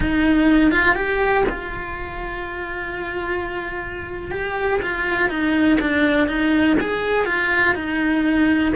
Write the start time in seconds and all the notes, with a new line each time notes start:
0.00 D#4
0.71 F4
0.95 G4
1.49 F4
4.31 G4
4.82 F4
5.29 D#4
5.80 D4
6.27 D#4
6.80 G#4
7.25 F4
7.74 D#4